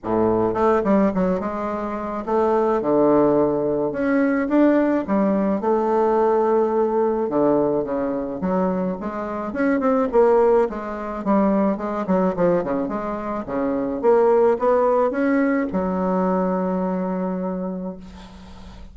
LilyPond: \new Staff \with { instrumentName = "bassoon" } { \time 4/4 \tempo 4 = 107 a,4 a8 g8 fis8 gis4. | a4 d2 cis'4 | d'4 g4 a2~ | a4 d4 cis4 fis4 |
gis4 cis'8 c'8 ais4 gis4 | g4 gis8 fis8 f8 cis8 gis4 | cis4 ais4 b4 cis'4 | fis1 | }